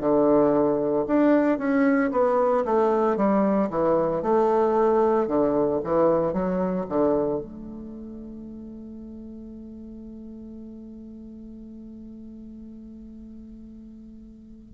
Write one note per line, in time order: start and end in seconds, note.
0.00 1.05 D3
1.07 1.58 D4
1.58 2.11 C#4
2.11 2.64 B3
2.65 3.16 A3
3.16 3.69 G3
3.69 4.22 E3
4.22 5.27 A3
5.27 5.80 D3
5.83 6.33 E3
6.33 6.85 F#3
6.89 7.39 D3
7.39 14.74 A3